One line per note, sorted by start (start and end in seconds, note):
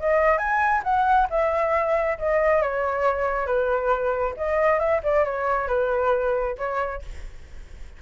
0.00 0.39 D#5
0.39 0.83 G#5
0.84 1.28 F#5
1.30 2.19 E5
2.19 2.63 D#5
2.63 3.47 C#5
3.47 4.35 B4
4.37 4.80 D#5
4.80 5.02 E5
5.04 5.25 D5
5.25 5.68 C#5
5.68 6.56 B4
6.59 7.03 C#5